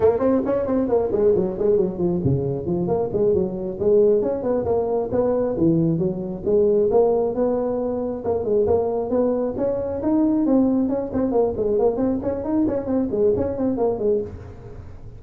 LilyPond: \new Staff \with { instrumentName = "tuba" } { \time 4/4 \tempo 4 = 135 ais8 c'8 cis'8 c'8 ais8 gis8 fis8 gis8 | fis8 f8 cis4 f8 ais8 gis8 fis8~ | fis8 gis4 cis'8 b8 ais4 b8~ | b8 e4 fis4 gis4 ais8~ |
ais8 b2 ais8 gis8 ais8~ | ais8 b4 cis'4 dis'4 c'8~ | c'8 cis'8 c'8 ais8 gis8 ais8 c'8 cis'8 | dis'8 cis'8 c'8 gis8 cis'8 c'8 ais8 gis8 | }